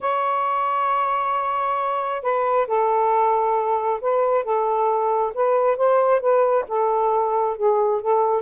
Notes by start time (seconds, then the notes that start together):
0.00 C#5
2.22 B4
2.67 A4
4.01 B4
4.44 A4
5.34 B4
5.77 C5
6.20 B4
6.68 A4
7.56 G#4
8.01 A4